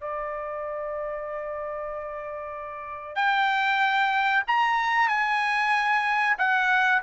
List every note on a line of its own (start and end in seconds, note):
0.00 3.15 D5
3.15 4.43 G5
4.47 5.08 A#5
5.08 6.36 G#5
6.38 7.02 F#5